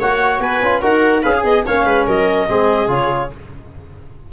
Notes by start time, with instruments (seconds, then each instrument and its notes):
0.00 tuba A#3, trombone F#4, viola C#5, clarinet F#5
0.39 tuba B3, viola B4, clarinet G#5
0.62 tuba C#4, trombone F4
0.82 tuba D#4, trombone F#4, viola A#4, clarinet F#5
1.22 tuba C#4, trombone G#4, viola B4, clarinet F5
1.34 viola G#4
1.44 tuba B3, clarinet D#5
1.66 tuba A#3, trombone C#4, viola C#5, clarinet F5
1.84 tuba G#3, viola B4
2.06 tuba F#3, viola A#4, clarinet D#5
2.48 tuba G#3, trombone C4, viola G#4
2.87 tuba C#3, trombone F4, clarinet C#5